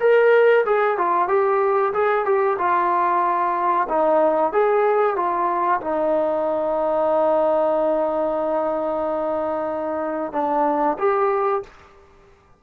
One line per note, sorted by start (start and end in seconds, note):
0.00 0.65 A#4
0.65 0.97 G#4
0.97 1.28 F4
1.28 1.92 G4
1.93 2.25 G#4
2.25 2.57 G4
2.58 3.87 F4
3.88 4.52 D#4
4.52 5.16 G#4
5.16 5.80 F4
5.80 10.32 D#4
10.32 10.97 D4
10.98 11.62 G4